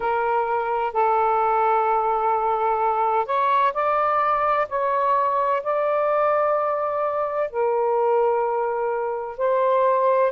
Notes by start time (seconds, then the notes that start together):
0.00 A#4
0.93 A4
3.26 C#5
3.73 D5
4.69 C#5
5.62 D5
7.50 A#4
9.37 C5